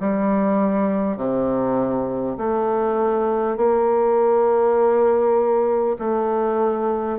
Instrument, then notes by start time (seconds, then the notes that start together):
bassoon
0.00 G3
1.17 C3
2.38 A3
3.57 A#3
5.99 A3